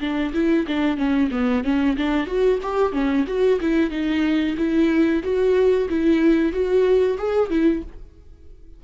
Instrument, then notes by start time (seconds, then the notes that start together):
viola
0.00 D4
0.33 E4
0.67 D4
0.97 C#4
1.31 B3
1.64 C#4
1.97 D4
2.26 F#4
2.62 G4
2.93 C#4
3.27 F#4
3.61 E4
3.90 D#4
4.57 E4
5.23 F#4
5.89 E4
6.52 F#4
7.18 G#4
7.50 E4